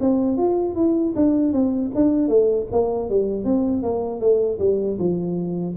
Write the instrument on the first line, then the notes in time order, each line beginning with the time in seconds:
tuba
0.00 C4
0.37 F4
0.75 E4
1.15 D4
1.52 C4
1.95 D4
2.28 A3
2.71 A#3
3.09 G3
3.44 C4
3.82 A#3
4.20 A3
4.59 G3
4.98 F3